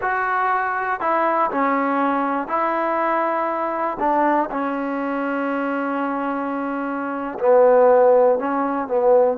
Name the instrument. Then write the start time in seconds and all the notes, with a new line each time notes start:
trombone
0.01 F#4
1.00 E4
1.51 C#4
2.48 E4
3.99 D4
4.50 C#4
7.39 B3
8.38 C#4
8.88 B3